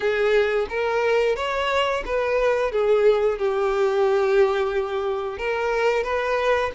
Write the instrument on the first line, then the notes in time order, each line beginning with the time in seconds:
violin
0.00 G#4
0.69 A#4
1.36 C#5
2.05 B4
2.71 G#4
3.38 G4
5.37 A#4
6.03 B4